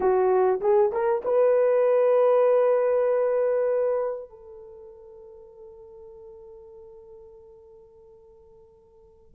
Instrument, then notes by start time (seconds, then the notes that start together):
horn
0.00 F#4
0.60 G#4
0.92 A#4
1.24 B4
4.29 A4